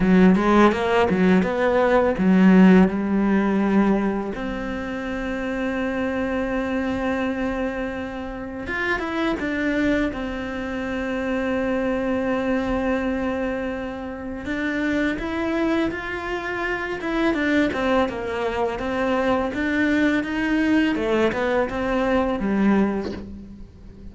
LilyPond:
\new Staff \with { instrumentName = "cello" } { \time 4/4 \tempo 4 = 83 fis8 gis8 ais8 fis8 b4 fis4 | g2 c'2~ | c'1 | f'8 e'8 d'4 c'2~ |
c'1 | d'4 e'4 f'4. e'8 | d'8 c'8 ais4 c'4 d'4 | dis'4 a8 b8 c'4 g4 | }